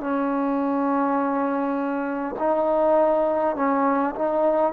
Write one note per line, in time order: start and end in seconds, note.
0.00 2.35 C#4
2.39 3.56 D#4
3.56 4.14 C#4
4.15 4.72 D#4